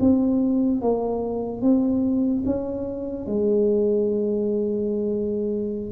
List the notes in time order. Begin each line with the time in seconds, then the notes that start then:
0.00 C4
0.81 A#3
1.62 C4
2.46 C#4
3.27 G#3